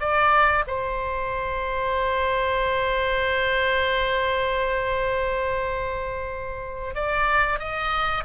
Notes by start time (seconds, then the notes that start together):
0.00 D5
0.67 C5
6.95 D5
7.59 D#5